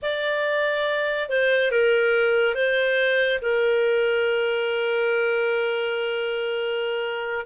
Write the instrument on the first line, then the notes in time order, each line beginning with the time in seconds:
clarinet
0.02 D5
1.29 C5
1.71 A#4
2.55 C5
3.41 A#4